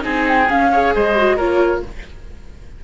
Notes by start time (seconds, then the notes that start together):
0.00 C4 D#4 G#4 G#5
0.28 G5
0.50 C#4 F5
0.72 G#4 C#5
0.95 G#3 C5 D#5
1.17 F#4
1.37 A#3 F4 A#4 C#5